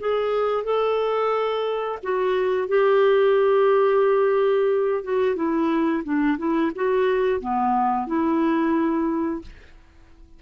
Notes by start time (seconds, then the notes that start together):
0.00 G#4
0.64 A4
2.03 F#4
2.68 G4
5.04 F#4
5.36 E4
6.04 D4
6.38 E4
6.76 F#4
7.40 B3
8.07 E4